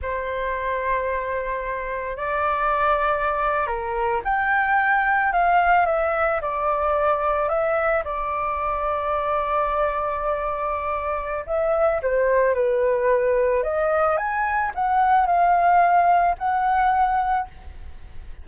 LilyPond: \new Staff \with { instrumentName = "flute" } { \time 4/4 \tempo 4 = 110 c''1 | d''2~ d''8. ais'4 g''16~ | g''4.~ g''16 f''4 e''4 d''16~ | d''4.~ d''16 e''4 d''4~ d''16~ |
d''1~ | d''4 e''4 c''4 b'4~ | b'4 dis''4 gis''4 fis''4 | f''2 fis''2 | }